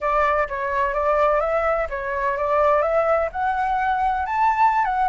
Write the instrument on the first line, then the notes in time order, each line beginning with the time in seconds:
flute
0.00 D5
0.48 C#5
0.93 D5
1.40 E5
1.89 C#5
2.37 D5
2.82 E5
3.32 F#5
4.26 A5
4.84 F#5